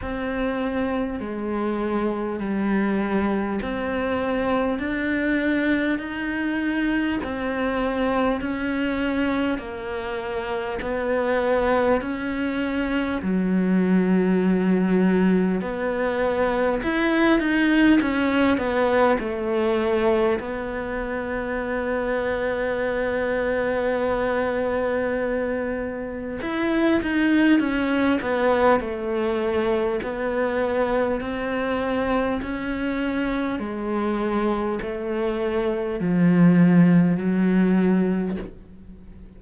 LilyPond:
\new Staff \with { instrumentName = "cello" } { \time 4/4 \tempo 4 = 50 c'4 gis4 g4 c'4 | d'4 dis'4 c'4 cis'4 | ais4 b4 cis'4 fis4~ | fis4 b4 e'8 dis'8 cis'8 b8 |
a4 b2.~ | b2 e'8 dis'8 cis'8 b8 | a4 b4 c'4 cis'4 | gis4 a4 f4 fis4 | }